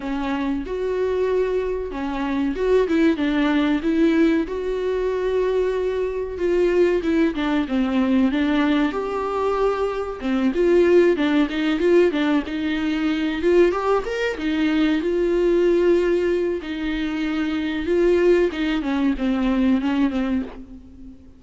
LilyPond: \new Staff \with { instrumentName = "viola" } { \time 4/4 \tempo 4 = 94 cis'4 fis'2 cis'4 | fis'8 e'8 d'4 e'4 fis'4~ | fis'2 f'4 e'8 d'8 | c'4 d'4 g'2 |
c'8 f'4 d'8 dis'8 f'8 d'8 dis'8~ | dis'4 f'8 g'8 ais'8 dis'4 f'8~ | f'2 dis'2 | f'4 dis'8 cis'8 c'4 cis'8 c'8 | }